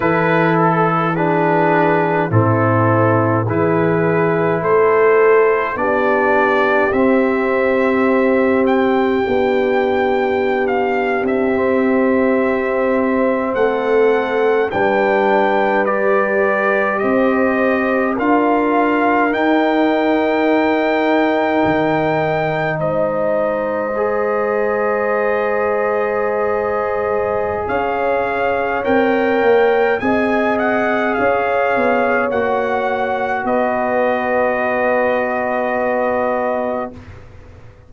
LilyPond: <<
  \new Staff \with { instrumentName = "trumpet" } { \time 4/4 \tempo 4 = 52 b'8 a'8 b'4 a'4 b'4 | c''4 d''4 e''4. g''8~ | g''4~ g''16 f''8 e''2 fis''16~ | fis''8. g''4 d''4 dis''4 f''16~ |
f''8. g''2. dis''16~ | dis''1 | f''4 g''4 gis''8 fis''8 f''4 | fis''4 dis''2. | }
  \new Staff \with { instrumentName = "horn" } { \time 4/4 a'4 gis'4 e'4 gis'4 | a'4 g'2.~ | g'2.~ g'8. a'16~ | a'8. b'2 c''4 ais'16~ |
ais'2.~ ais'8. c''16~ | c''1 | cis''2 dis''4 cis''4~ | cis''4 b'2. | }
  \new Staff \with { instrumentName = "trombone" } { \time 4/4 e'4 d'4 c'4 e'4~ | e'4 d'4 c'2 | d'2 c'2~ | c'8. d'4 g'2 f'16~ |
f'8. dis'2.~ dis'16~ | dis'8. gis'2.~ gis'16~ | gis'4 ais'4 gis'2 | fis'1 | }
  \new Staff \with { instrumentName = "tuba" } { \time 4/4 e2 a,4 e4 | a4 b4 c'2 | b4.~ b16 c'2 a16~ | a8. g2 c'4 d'16~ |
d'8. dis'2 dis4 gis16~ | gis1 | cis'4 c'8 ais8 c'4 cis'8 b8 | ais4 b2. | }
>>